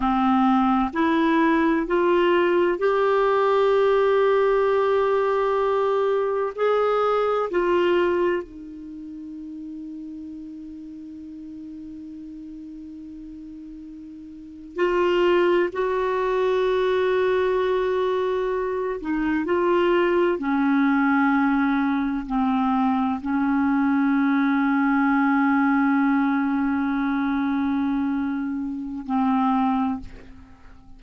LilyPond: \new Staff \with { instrumentName = "clarinet" } { \time 4/4 \tempo 4 = 64 c'4 e'4 f'4 g'4~ | g'2. gis'4 | f'4 dis'2.~ | dis'2.~ dis'8. f'16~ |
f'8. fis'2.~ fis'16~ | fis'16 dis'8 f'4 cis'2 c'16~ | c'8. cis'2.~ cis'16~ | cis'2. c'4 | }